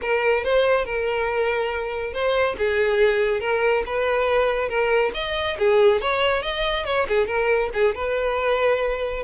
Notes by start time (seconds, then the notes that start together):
0.01 A#4
0.44 C5
0.85 A#4
2.13 C5
2.58 G#4
3.40 A#4
3.86 B4
4.68 A#4
5.14 D#5
5.58 G#4
6.01 C#5
6.42 D#5
6.85 C#5
7.08 G#4
7.26 A#4
7.73 G#4
7.94 B4